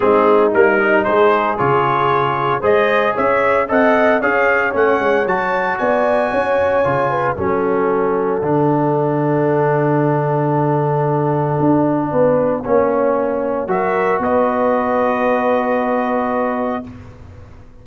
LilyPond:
<<
  \new Staff \with { instrumentName = "trumpet" } { \time 4/4 \tempo 4 = 114 gis'4 ais'4 c''4 cis''4~ | cis''4 dis''4 e''4 fis''4 | f''4 fis''4 a''4 gis''4~ | gis''2 fis''2~ |
fis''1~ | fis''1~ | fis''2 e''4 dis''4~ | dis''1 | }
  \new Staff \with { instrumentName = "horn" } { \time 4/4 dis'2 gis'2~ | gis'4 c''4 cis''4 dis''4 | cis''2. d''4 | cis''4. b'8 a'2~ |
a'1~ | a'2. b'4 | cis''2 ais'4 b'4~ | b'1 | }
  \new Staff \with { instrumentName = "trombone" } { \time 4/4 c'4 ais8 dis'4. f'4~ | f'4 gis'2 a'4 | gis'4 cis'4 fis'2~ | fis'4 f'4 cis'2 |
d'1~ | d'1 | cis'2 fis'2~ | fis'1 | }
  \new Staff \with { instrumentName = "tuba" } { \time 4/4 gis4 g4 gis4 cis4~ | cis4 gis4 cis'4 c'4 | cis'4 a8 gis8 fis4 b4 | cis'4 cis4 fis2 |
d1~ | d2 d'4 b4 | ais2 fis4 b4~ | b1 | }
>>